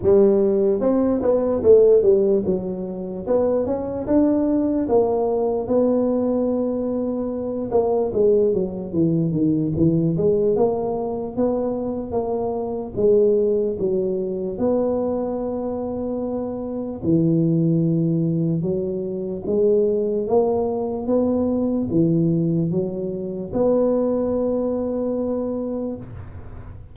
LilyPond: \new Staff \with { instrumentName = "tuba" } { \time 4/4 \tempo 4 = 74 g4 c'8 b8 a8 g8 fis4 | b8 cis'8 d'4 ais4 b4~ | b4. ais8 gis8 fis8 e8 dis8 | e8 gis8 ais4 b4 ais4 |
gis4 fis4 b2~ | b4 e2 fis4 | gis4 ais4 b4 e4 | fis4 b2. | }